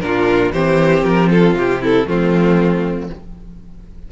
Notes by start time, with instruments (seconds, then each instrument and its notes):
0.00 cello A#2, viola D4, violin F4 A#4
0.52 cello E3, viola C4, violin G4 C5
1.04 cello F3, violin A#4
1.30 violin F4 A4
1.54 cello C3, violin G4
1.81 violin E4 A4
2.06 cello F3, viola A3, violin C4 F4